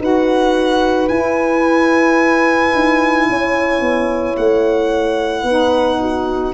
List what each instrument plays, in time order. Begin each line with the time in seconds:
0.00 tuba D#4, saxophone F#4, horn B4, violin F#5
1.09 tuba E4, saxophone E4, violin G#5
2.75 tuba D#4
3.30 tuba C#4, horn C#5
3.81 tuba B3
4.37 tuba A3, violin F#5
5.44 tuba B3, saxophone D#4, horn B4
6.01 horn F#4